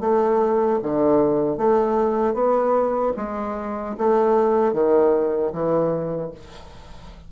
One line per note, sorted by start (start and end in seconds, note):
0.00 0.79 A3
0.83 1.58 D3
1.58 2.34 A3
2.34 3.13 B3
3.17 3.95 G#3
3.98 4.73 A3
4.73 5.52 D#3
5.53 6.32 E3